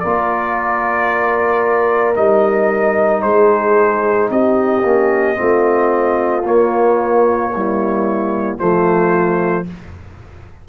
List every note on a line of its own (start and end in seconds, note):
0.00 2.17 A#3
0.00 2.15 F4
0.00 3.23 A#4
0.00 2.14 D5
2.15 3.23 G3
2.15 4.83 D#4
2.15 3.22 D#5
3.22 4.30 G#3
3.22 4.30 G#4
3.22 4.29 C5
4.30 4.84 C4
4.30 5.39 G4
4.30 6.46 D#5
4.84 5.37 A#3
4.84 5.36 C#4
5.36 6.44 A3
5.36 6.43 C4
5.36 7.53 F4
6.44 7.52 A#3
6.44 8.59 A#3
6.44 8.59 C#5
7.55 8.58 G3
7.55 8.59 E4
8.58 9.69 F3
8.58 9.65 A3
8.58 9.66 F4
8.58 9.66 C5